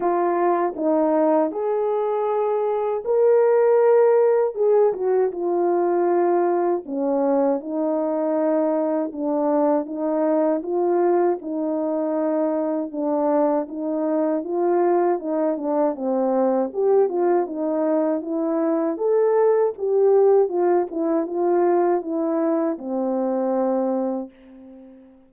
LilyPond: \new Staff \with { instrumentName = "horn" } { \time 4/4 \tempo 4 = 79 f'4 dis'4 gis'2 | ais'2 gis'8 fis'8 f'4~ | f'4 cis'4 dis'2 | d'4 dis'4 f'4 dis'4~ |
dis'4 d'4 dis'4 f'4 | dis'8 d'8 c'4 g'8 f'8 dis'4 | e'4 a'4 g'4 f'8 e'8 | f'4 e'4 c'2 | }